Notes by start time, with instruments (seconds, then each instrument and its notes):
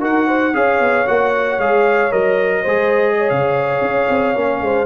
0.00 tuba D#4, trombone F#4, horn A#4, trumpet F#5
0.27 horn C5
0.53 tuba C#4, trombone G#4, horn C#5, trumpet F5
0.79 tuba B3
1.06 tuba A#3, trombone F#4, trumpet F#5
1.58 tuba G#3, trombone G#4, trumpet F5
2.11 tuba F#3, trombone A#4, trumpet D#5
2.62 tuba G#3, trombone G#4, horn C5
3.17 horn C#5
3.29 tuba C#3, trumpet F5
3.81 tuba C#4
4.09 tuba C4
4.35 tuba A#3, trombone C#4
4.61 tuba G#3, horn C5